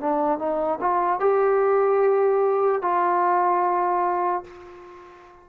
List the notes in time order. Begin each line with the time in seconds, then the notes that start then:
0.00 D4
0.38 D#4
0.81 F4
1.20 G4
2.82 F4